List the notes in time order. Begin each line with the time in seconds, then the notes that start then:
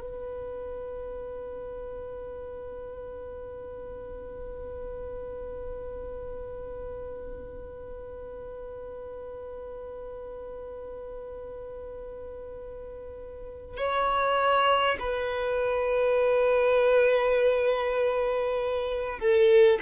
0.00 B4
13.77 C#5
14.99 B4
19.19 A4